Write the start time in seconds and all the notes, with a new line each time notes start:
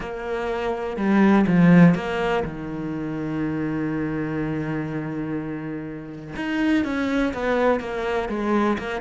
0.00 A#3
0.96 G3
1.46 F3
1.94 A#3
2.44 D#3
6.36 D#4
6.84 C#4
7.33 B3
7.79 A#3
8.28 G#3
8.78 A#3